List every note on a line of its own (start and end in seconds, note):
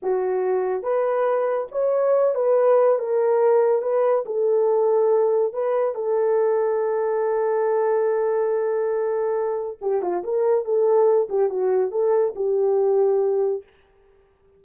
0.02 0.82 F#4
0.82 1.67 B4
1.71 2.34 C#5
2.34 2.98 B4
2.98 3.81 A#4
3.81 4.24 B4
4.25 5.53 A4
5.53 5.94 B4
5.94 9.77 A4
9.81 10.02 G4
10.02 10.23 F4
10.23 10.64 A#4
10.64 11.28 A4
11.29 11.49 G4
11.49 11.91 F#4
11.91 12.33 A4
12.35 13.63 G4